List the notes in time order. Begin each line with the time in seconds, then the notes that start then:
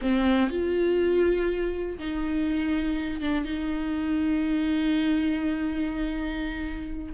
0.01 C4
0.50 F4
1.98 D#4
3.21 D4
3.44 D#4